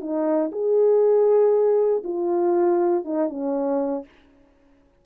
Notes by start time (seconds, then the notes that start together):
0.00 D#4
0.52 G#4
2.04 F4
3.04 D#4
3.29 C#4